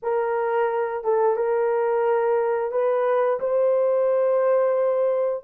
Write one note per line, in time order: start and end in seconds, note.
0.02 1.04 A#4
1.04 1.36 A4
1.36 2.71 A#4
2.71 3.39 B4
3.40 5.44 C5